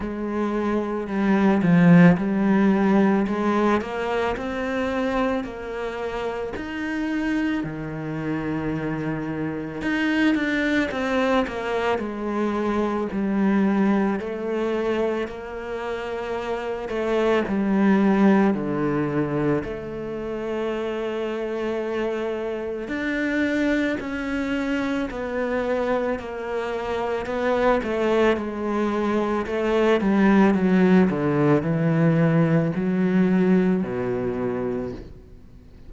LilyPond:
\new Staff \with { instrumentName = "cello" } { \time 4/4 \tempo 4 = 55 gis4 g8 f8 g4 gis8 ais8 | c'4 ais4 dis'4 dis4~ | dis4 dis'8 d'8 c'8 ais8 gis4 | g4 a4 ais4. a8 |
g4 d4 a2~ | a4 d'4 cis'4 b4 | ais4 b8 a8 gis4 a8 g8 | fis8 d8 e4 fis4 b,4 | }